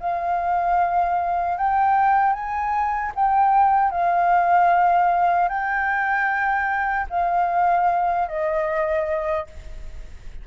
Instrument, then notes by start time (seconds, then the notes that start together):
flute
0.00 F5
1.58 G5
2.33 G#5
3.15 G5
3.91 F5
5.49 G5
7.10 F5
8.29 D#5